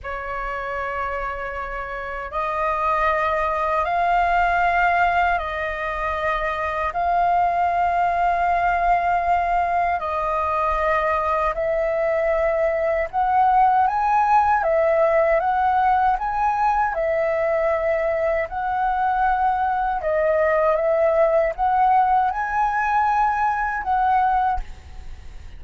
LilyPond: \new Staff \with { instrumentName = "flute" } { \time 4/4 \tempo 4 = 78 cis''2. dis''4~ | dis''4 f''2 dis''4~ | dis''4 f''2.~ | f''4 dis''2 e''4~ |
e''4 fis''4 gis''4 e''4 | fis''4 gis''4 e''2 | fis''2 dis''4 e''4 | fis''4 gis''2 fis''4 | }